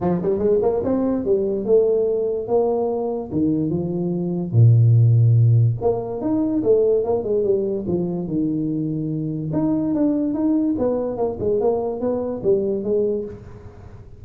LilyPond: \new Staff \with { instrumentName = "tuba" } { \time 4/4 \tempo 4 = 145 f8 g8 gis8 ais8 c'4 g4 | a2 ais2 | dis4 f2 ais,4~ | ais,2 ais4 dis'4 |
a4 ais8 gis8 g4 f4 | dis2. dis'4 | d'4 dis'4 b4 ais8 gis8 | ais4 b4 g4 gis4 | }